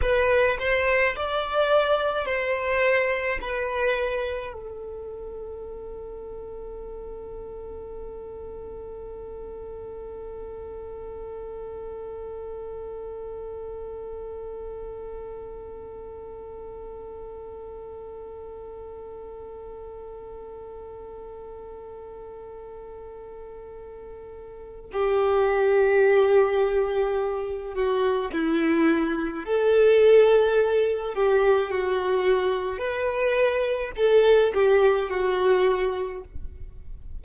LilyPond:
\new Staff \with { instrumentName = "violin" } { \time 4/4 \tempo 4 = 53 b'8 c''8 d''4 c''4 b'4 | a'1~ | a'1~ | a'1~ |
a'1~ | a'2 g'2~ | g'8 fis'8 e'4 a'4. g'8 | fis'4 b'4 a'8 g'8 fis'4 | }